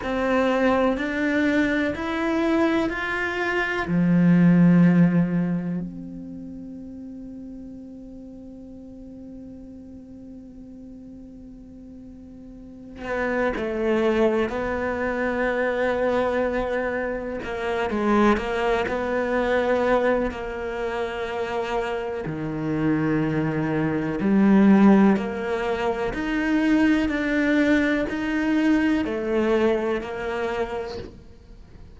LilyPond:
\new Staff \with { instrumentName = "cello" } { \time 4/4 \tempo 4 = 62 c'4 d'4 e'4 f'4 | f2 c'2~ | c'1~ | c'4. b8 a4 b4~ |
b2 ais8 gis8 ais8 b8~ | b4 ais2 dis4~ | dis4 g4 ais4 dis'4 | d'4 dis'4 a4 ais4 | }